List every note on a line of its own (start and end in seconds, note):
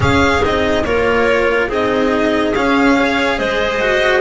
0.00 0.41 C#4
0.00 0.83 G#4
0.00 0.44 F5
0.41 0.84 C4
0.41 0.83 D#4
0.41 0.84 D#5
0.84 1.69 A#3
0.84 1.69 F4
0.84 1.68 A#4
0.84 1.68 C#5
1.68 2.53 C4
1.68 2.54 D#4
1.68 2.95 G#4
1.68 2.54 D#5
2.54 3.38 C#4
2.54 2.96 C#4
2.54 3.38 F5
2.96 3.80 G#4
2.96 3.38 C#5
3.38 4.20 G#3
3.38 4.20 C5
3.38 4.20 D#5
3.80 4.20 F#4